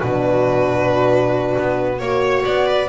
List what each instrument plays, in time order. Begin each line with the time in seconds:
0.00 double bass B2, horn D4, viola F#4, violin B4
1.58 double bass B3
1.98 double bass A#3, horn F#4, violin C#5, viola C#5
2.45 double bass B3, violin D5
2.66 viola B4